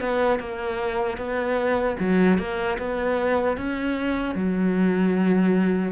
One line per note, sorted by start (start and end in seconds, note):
0.00 0.39 B3
0.39 1.17 A#3
1.17 1.96 B3
2.00 2.38 F#3
2.38 2.77 A#3
2.78 3.57 B3
3.57 4.35 C#4
4.35 5.92 F#3